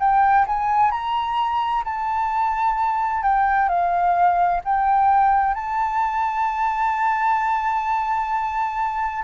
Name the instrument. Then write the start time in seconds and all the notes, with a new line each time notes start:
flute
0.00 G5
0.47 G#5
0.91 A#5
1.85 A5
3.23 G5
3.69 F5
4.64 G5
5.55 A5